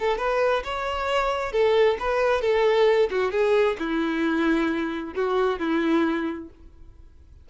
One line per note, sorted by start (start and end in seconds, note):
0.00 0.18 A4
0.18 0.63 B4
0.65 1.53 C#5
1.53 1.98 A4
2.00 2.42 B4
2.42 3.10 A4
3.11 3.32 F#4
3.32 3.77 G#4
3.79 5.15 E4
5.16 5.59 F#4
5.59 6.50 E4